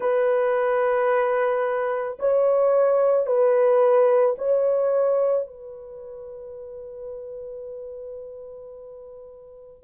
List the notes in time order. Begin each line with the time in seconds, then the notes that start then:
0.00 B4
2.19 C#5
3.26 B4
4.38 C#5
5.47 B4